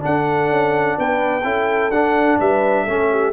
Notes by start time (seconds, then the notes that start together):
0.00 D4 A4 F#5
0.06 D4
0.50 C#4
0.98 B3 B4 G5
1.44 C#4 E4 A4
1.91 D4 F#5
2.39 G3 B4 E5
2.85 A3 C#4 A4
3.11 G4